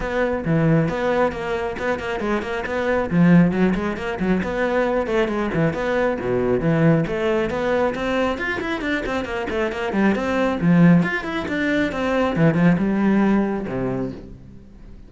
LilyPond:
\new Staff \with { instrumentName = "cello" } { \time 4/4 \tempo 4 = 136 b4 e4 b4 ais4 | b8 ais8 gis8 ais8 b4 f4 | fis8 gis8 ais8 fis8 b4. a8 | gis8 e8 b4 b,4 e4 |
a4 b4 c'4 f'8 e'8 | d'8 c'8 ais8 a8 ais8 g8 c'4 | f4 f'8 e'8 d'4 c'4 | e8 f8 g2 c4 | }